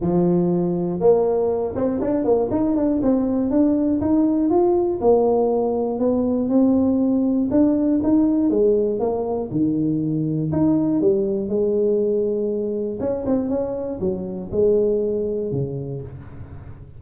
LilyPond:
\new Staff \with { instrumentName = "tuba" } { \time 4/4 \tempo 4 = 120 f2 ais4. c'8 | d'8 ais8 dis'8 d'8 c'4 d'4 | dis'4 f'4 ais2 | b4 c'2 d'4 |
dis'4 gis4 ais4 dis4~ | dis4 dis'4 g4 gis4~ | gis2 cis'8 c'8 cis'4 | fis4 gis2 cis4 | }